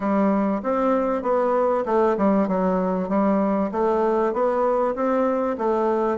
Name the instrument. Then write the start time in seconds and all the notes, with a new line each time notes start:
bassoon
0.00 G3
0.62 C4
1.22 B3
1.85 A3
2.17 G3
2.48 F#3
3.08 G3
3.71 A3
4.33 B3
4.95 C4
5.58 A3